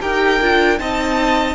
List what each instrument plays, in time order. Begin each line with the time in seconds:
0.00 cello D#4, viola G4, violin A#4 G5
0.40 cello D4, viola F4
0.79 cello C4, viola D#4, violin D#5 A5